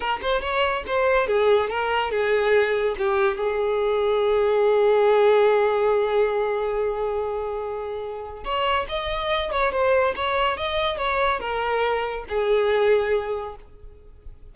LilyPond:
\new Staff \with { instrumentName = "violin" } { \time 4/4 \tempo 4 = 142 ais'8 c''8 cis''4 c''4 gis'4 | ais'4 gis'2 g'4 | gis'1~ | gis'1~ |
gis'1 | cis''4 dis''4. cis''8 c''4 | cis''4 dis''4 cis''4 ais'4~ | ais'4 gis'2. | }